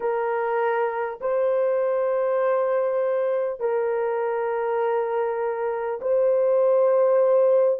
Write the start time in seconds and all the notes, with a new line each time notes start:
0.00 A#4
1.20 C5
3.60 A#4
6.01 C5